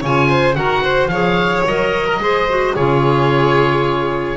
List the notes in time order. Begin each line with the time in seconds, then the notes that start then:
0.00 C#3 F4 C#5 G#5
0.29 C5
0.54 D#3 F#4 A#4 F#5
0.83 C5
1.07 F3 G#4 C#5 F5
1.65 F#3 A#4 D#5
2.06 A#4
2.19 G#3 G#4 C5
2.48 F#4
2.75 C#3 F4 G#4 C#5